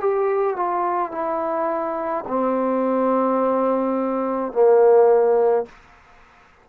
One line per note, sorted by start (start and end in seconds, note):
0.00 0.56 G4
0.56 1.12 F4
1.12 2.25 E4
2.27 4.53 C4
4.53 5.66 A#3